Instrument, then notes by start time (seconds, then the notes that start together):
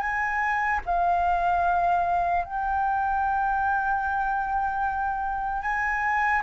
flute
0.00 G#5
0.85 F5
2.45 G5
5.62 G#5